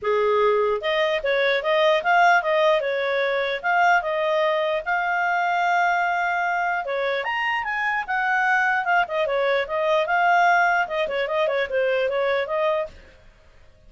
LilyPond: \new Staff \with { instrumentName = "clarinet" } { \time 4/4 \tempo 4 = 149 gis'2 dis''4 cis''4 | dis''4 f''4 dis''4 cis''4~ | cis''4 f''4 dis''2 | f''1~ |
f''4 cis''4 ais''4 gis''4 | fis''2 f''8 dis''8 cis''4 | dis''4 f''2 dis''8 cis''8 | dis''8 cis''8 c''4 cis''4 dis''4 | }